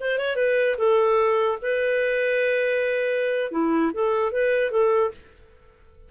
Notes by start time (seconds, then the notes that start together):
0.00 C5
0.18 C#5
0.36 B4
0.78 A4
1.62 B4
3.51 E4
3.93 A4
4.32 B4
4.71 A4